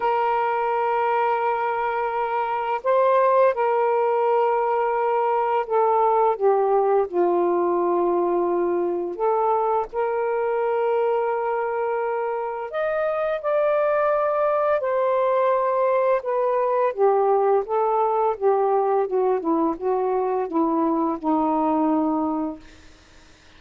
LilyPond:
\new Staff \with { instrumentName = "saxophone" } { \time 4/4 \tempo 4 = 85 ais'1 | c''4 ais'2. | a'4 g'4 f'2~ | f'4 a'4 ais'2~ |
ais'2 dis''4 d''4~ | d''4 c''2 b'4 | g'4 a'4 g'4 fis'8 e'8 | fis'4 e'4 dis'2 | }